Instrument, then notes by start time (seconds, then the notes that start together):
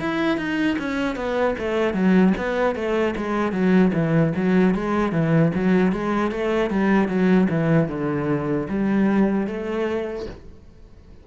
cello
0.00 E4
0.38 D#4
0.79 C#4
1.16 B3
1.59 A3
1.94 F#3
2.38 B3
2.76 A3
3.17 G#3
3.52 F#3
3.94 E3
4.36 F#3
4.75 G#3
5.13 E3
5.55 F#3
5.92 G#3
6.32 A3
6.70 G3
7.08 F#3
7.50 E3
7.89 D3
8.69 G3
9.47 A3